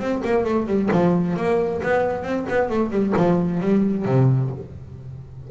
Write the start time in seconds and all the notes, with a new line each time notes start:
0.00 C4
0.24 A#3
0.45 A3
0.67 G3
0.92 F3
1.37 A#3
1.82 B3
2.23 C4
2.49 B3
2.70 A3
2.91 G3
3.17 F3
3.60 G3
4.05 C3